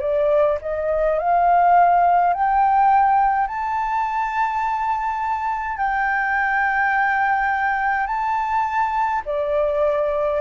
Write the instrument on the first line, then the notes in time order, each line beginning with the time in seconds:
flute
0.00 D5
0.61 D#5
1.20 F5
2.33 G5
3.48 A5
5.77 G5
8.07 A5
9.26 D5